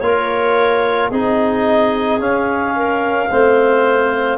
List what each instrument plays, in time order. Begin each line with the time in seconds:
0.00 tuba A#3, trombone F4, clarinet A#4 C#5
1.10 tuba C4, trombone D#4, clarinet G#4 D#5
2.20 tuba C#4, trombone C#4, clarinet F5
2.75 clarinet A#4
3.30 tuba A3, trombone C4, clarinet C5